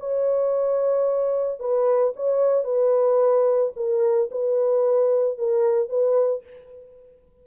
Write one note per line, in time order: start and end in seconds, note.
0.00 1.60 C#5
1.60 2.14 B4
2.16 2.64 C#5
2.64 3.72 B4
3.76 4.30 A#4
4.32 5.38 B4
5.38 5.90 A#4
5.90 6.44 B4